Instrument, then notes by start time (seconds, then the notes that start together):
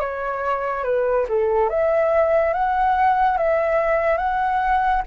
flute
0.00 C#5
0.84 B4
1.29 A4
1.69 E5
2.54 F#5
3.37 E5
4.18 F#5